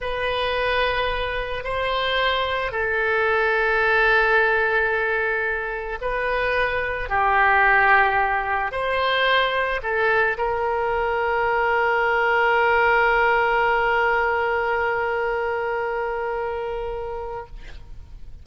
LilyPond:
\new Staff \with { instrumentName = "oboe" } { \time 4/4 \tempo 4 = 110 b'2. c''4~ | c''4 a'2.~ | a'2. b'4~ | b'4 g'2. |
c''2 a'4 ais'4~ | ais'1~ | ais'1~ | ais'1 | }